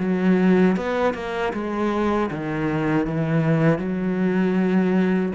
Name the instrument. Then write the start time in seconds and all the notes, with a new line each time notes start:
cello
0.00 F#3
0.77 B3
1.15 A#3
1.54 G#3
2.31 D#3
3.07 E3
3.79 F#3